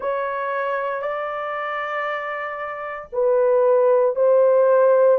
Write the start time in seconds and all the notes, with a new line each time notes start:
0.00 C#5
1.02 D5
3.12 B4
4.15 C5